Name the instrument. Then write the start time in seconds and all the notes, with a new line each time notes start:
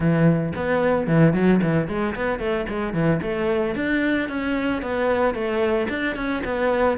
cello
0.00 E3
0.55 B3
1.07 E3
1.33 F#3
1.62 E3
1.87 G#3
2.15 B3
2.39 A3
2.68 G#3
2.93 E3
3.22 A3
3.75 D4
4.28 C#4
4.82 B3
5.34 A3
5.89 D4
6.16 C#4
6.44 B3